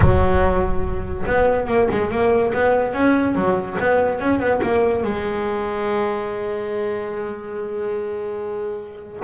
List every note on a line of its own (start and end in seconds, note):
0.00 1.24 F#3
1.26 1.66 B3
1.66 1.87 A#3
1.91 2.10 G#3
2.10 2.52 A#3
2.53 2.93 B3
2.93 3.35 C#4
3.35 3.77 F#3
3.80 4.20 B3
4.20 4.39 C#4
4.39 4.60 B3
4.62 5.03 A#3
5.03 9.22 G#3